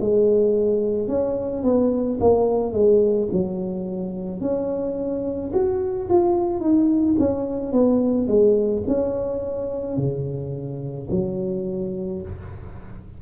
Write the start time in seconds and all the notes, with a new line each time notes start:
0.00 G#3
1.08 C#4
1.63 B3
2.20 A#3
2.73 G#3
3.32 F#3
4.40 C#4
5.53 F#4
6.09 F4
6.60 D#4
7.19 C#4
7.72 B3
8.27 G#3
8.87 C#4
9.97 C#3
11.10 F#3